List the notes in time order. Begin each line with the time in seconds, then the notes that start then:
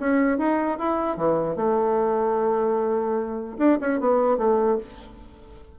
0.00 C#4
0.38 D#4
0.78 E4
1.16 E3
1.56 A3
3.58 D4
3.81 C#4
4.00 B3
4.38 A3